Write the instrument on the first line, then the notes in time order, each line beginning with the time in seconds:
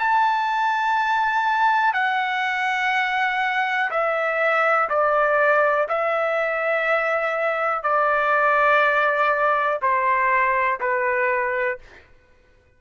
trumpet
0.00 A5
1.94 F#5
3.91 E5
4.90 D5
5.89 E5
7.84 D5
9.82 C5
10.81 B4